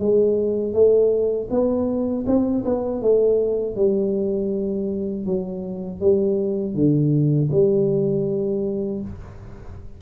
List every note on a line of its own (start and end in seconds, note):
0.00 0.74 G#3
0.74 1.49 A3
1.50 2.25 B3
2.27 2.64 C4
2.66 3.02 B3
3.02 3.76 A3
3.76 5.26 G3
5.26 6.01 F#3
6.01 6.75 G3
6.75 7.50 D3
7.52 9.02 G3